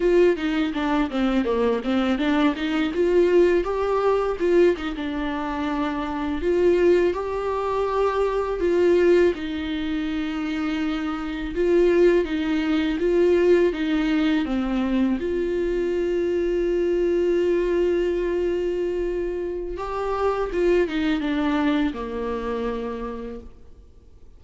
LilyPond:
\new Staff \with { instrumentName = "viola" } { \time 4/4 \tempo 4 = 82 f'8 dis'8 d'8 c'8 ais8 c'8 d'8 dis'8 | f'4 g'4 f'8 dis'16 d'4~ d'16~ | d'8. f'4 g'2 f'16~ | f'8. dis'2. f'16~ |
f'8. dis'4 f'4 dis'4 c'16~ | c'8. f'2.~ f'16~ | f'2. g'4 | f'8 dis'8 d'4 ais2 | }